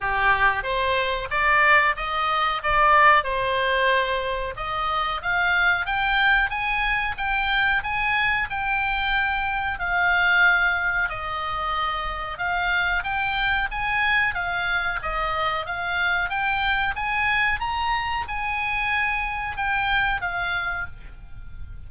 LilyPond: \new Staff \with { instrumentName = "oboe" } { \time 4/4 \tempo 4 = 92 g'4 c''4 d''4 dis''4 | d''4 c''2 dis''4 | f''4 g''4 gis''4 g''4 | gis''4 g''2 f''4~ |
f''4 dis''2 f''4 | g''4 gis''4 f''4 dis''4 | f''4 g''4 gis''4 ais''4 | gis''2 g''4 f''4 | }